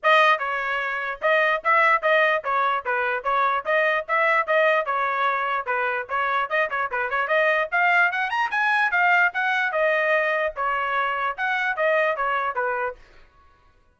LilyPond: \new Staff \with { instrumentName = "trumpet" } { \time 4/4 \tempo 4 = 148 dis''4 cis''2 dis''4 | e''4 dis''4 cis''4 b'4 | cis''4 dis''4 e''4 dis''4 | cis''2 b'4 cis''4 |
dis''8 cis''8 b'8 cis''8 dis''4 f''4 | fis''8 ais''8 gis''4 f''4 fis''4 | dis''2 cis''2 | fis''4 dis''4 cis''4 b'4 | }